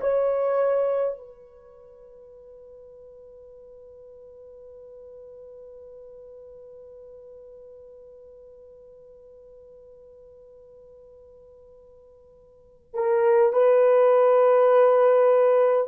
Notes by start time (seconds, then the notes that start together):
0.00 C#5
1.18 B4
12.94 A#4
13.52 B4